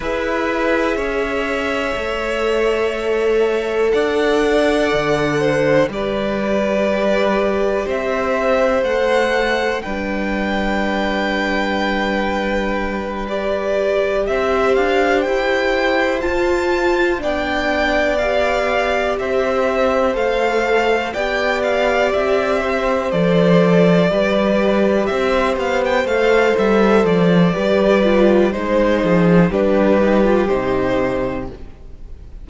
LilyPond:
<<
  \new Staff \with { instrumentName = "violin" } { \time 4/4 \tempo 4 = 61 e''1 | fis''2 d''2 | e''4 fis''4 g''2~ | g''4. d''4 e''8 f''8 g''8~ |
g''8 a''4 g''4 f''4 e''8~ | e''8 f''4 g''8 f''8 e''4 d''8~ | d''4. e''8 f''16 g''16 f''8 e''8 d''8~ | d''4 c''4 b'4 c''4 | }
  \new Staff \with { instrumentName = "violin" } { \time 4/4 b'4 cis''2. | d''4. c''8 b'2 | c''2 b'2~ | b'2~ b'8 c''4.~ |
c''4. d''2 c''8~ | c''4. d''4. c''4~ | c''8 b'4 c''2~ c''8 | b'4 c''8 gis'8 g'2 | }
  \new Staff \with { instrumentName = "viola" } { \time 4/4 gis'2 a'2~ | a'2 g'2~ | g'4 a'4 d'2~ | d'4. g'2~ g'8~ |
g'8 f'4 d'4 g'4.~ | g'8 a'4 g'2 a'8~ | a'8 g'2 a'4. | g'8 f'8 dis'4 d'8 dis'16 f'16 dis'4 | }
  \new Staff \with { instrumentName = "cello" } { \time 4/4 e'4 cis'4 a2 | d'4 d4 g2 | c'4 a4 g2~ | g2~ g8 c'8 d'8 e'8~ |
e'8 f'4 b2 c'8~ | c'8 a4 b4 c'4 f8~ | f8 g4 c'8 b8 a8 g8 f8 | g4 gis8 f8 g4 c4 | }
>>